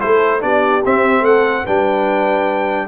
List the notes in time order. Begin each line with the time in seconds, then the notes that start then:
0.00 A3 E4 A4 C5
0.40 B3 D4 G4 D5
0.85 C4 E5
1.21 A3 A4 F#5
1.64 G3 D4 B4 G5